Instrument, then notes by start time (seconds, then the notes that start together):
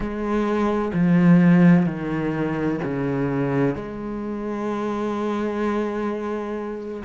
cello
0.00 G#3
0.93 F3
1.86 D#3
2.84 C#3
3.75 G#3